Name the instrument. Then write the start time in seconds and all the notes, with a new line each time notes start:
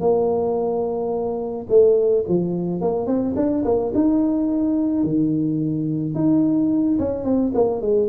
tuba
0.00 A#3
1.69 A3
2.28 F3
2.81 A#3
3.07 C4
3.36 D4
3.65 A#3
3.94 D#4
5.04 D#3
6.15 D#4
6.99 C#4
7.24 C4
7.54 A#3
7.81 G#3